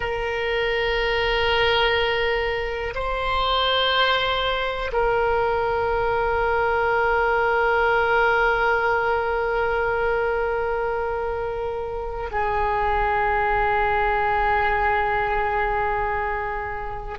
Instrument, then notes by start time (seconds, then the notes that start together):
oboe
0.00 A#4
2.94 C5
4.92 A#4
12.31 G#4